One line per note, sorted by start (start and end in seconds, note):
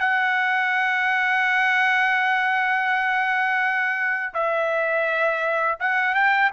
0.00 4.34 F#5
4.34 5.79 E5
5.80 6.15 F#5
6.15 6.51 G5